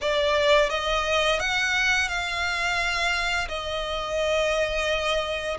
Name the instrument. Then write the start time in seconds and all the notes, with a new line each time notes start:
violin
0.01 D5
0.69 D#5
1.39 F#5
2.08 F5
3.48 D#5